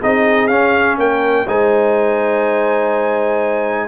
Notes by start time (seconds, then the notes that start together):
0.00 C4 D#4 G#4 D#5
0.48 C#4 F5
0.98 A#3 A#4 G5
1.47 G#3 D#4 C5 G#5